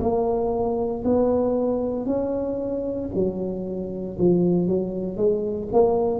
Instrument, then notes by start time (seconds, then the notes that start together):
tuba
0.00 A#3
1.04 B3
2.05 C#4
3.14 F#3
4.19 F3
4.67 F#3
5.17 G#3
5.72 A#3